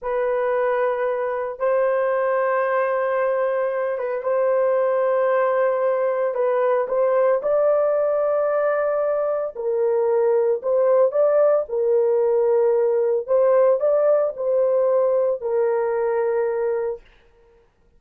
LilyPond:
\new Staff \with { instrumentName = "horn" } { \time 4/4 \tempo 4 = 113 b'2. c''4~ | c''2.~ c''8 b'8 | c''1 | b'4 c''4 d''2~ |
d''2 ais'2 | c''4 d''4 ais'2~ | ais'4 c''4 d''4 c''4~ | c''4 ais'2. | }